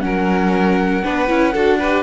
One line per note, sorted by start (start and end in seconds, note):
0.00 1.04 F#3
0.00 1.03 C#4
0.00 1.04 A#4
0.00 2.03 F#5
1.03 1.30 B3
1.03 1.28 D4
1.03 1.53 B4
1.28 1.55 C#4
1.28 1.53 E4
1.53 2.03 D4
1.53 1.80 F#4
1.53 1.78 A4
1.79 2.03 G4
1.79 2.03 B4